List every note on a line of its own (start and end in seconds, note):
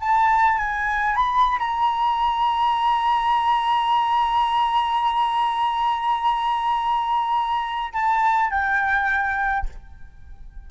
0.00 0.57 A5
0.57 1.15 G#5
1.15 1.58 B5
1.58 7.93 A#5
7.93 8.50 A5
8.50 9.66 G5